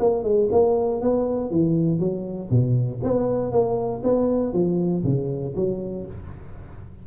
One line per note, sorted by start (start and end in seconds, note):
0.00 0.24 A#3
0.24 0.49 G#3
0.52 1.02 A#3
1.02 1.51 B3
1.51 2.00 E3
2.00 2.50 F#3
2.51 3.01 B2
3.03 3.52 B3
3.52 4.03 A#3
4.04 4.54 B3
4.54 5.04 F3
5.04 5.55 C#3
5.56 6.06 F#3